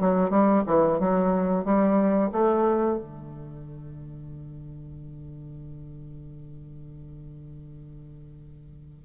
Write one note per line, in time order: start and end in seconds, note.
0.00 0.30 F#3
0.30 0.63 G3
0.67 0.99 E3
0.99 1.64 F#3
1.64 2.30 G3
2.32 2.98 A3
2.98 9.05 D3